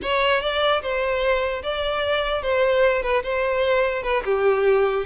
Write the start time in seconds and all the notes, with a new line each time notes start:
0.02 C#5
0.41 D5
0.82 C5
1.62 D5
2.42 C5
3.02 B4
3.23 C5
4.03 B4
4.25 G4